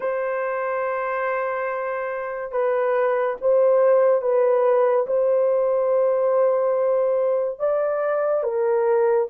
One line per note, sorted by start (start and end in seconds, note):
0.00 2.51 C5
2.51 3.36 B4
3.41 4.21 C5
4.21 5.06 B4
5.07 7.59 C5
7.59 8.43 D5
8.43 9.27 A#4